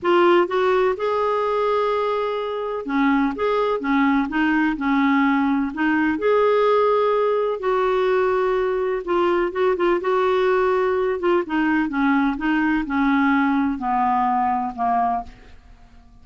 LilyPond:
\new Staff \with { instrumentName = "clarinet" } { \time 4/4 \tempo 4 = 126 f'4 fis'4 gis'2~ | gis'2 cis'4 gis'4 | cis'4 dis'4 cis'2 | dis'4 gis'2. |
fis'2. f'4 | fis'8 f'8 fis'2~ fis'8 f'8 | dis'4 cis'4 dis'4 cis'4~ | cis'4 b2 ais4 | }